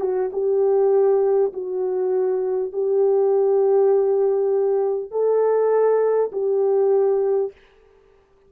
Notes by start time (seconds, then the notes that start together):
0.00 F#4
0.32 G4
1.53 F#4
2.72 G4
5.11 A4
6.32 G4